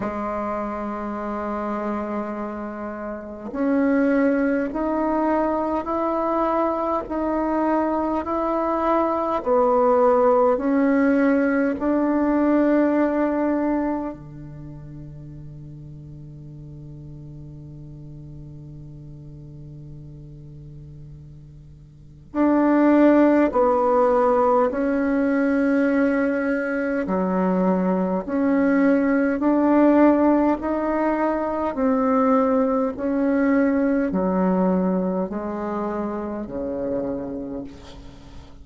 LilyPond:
\new Staff \with { instrumentName = "bassoon" } { \time 4/4 \tempo 4 = 51 gis2. cis'4 | dis'4 e'4 dis'4 e'4 | b4 cis'4 d'2 | d1~ |
d2. d'4 | b4 cis'2 fis4 | cis'4 d'4 dis'4 c'4 | cis'4 fis4 gis4 cis4 | }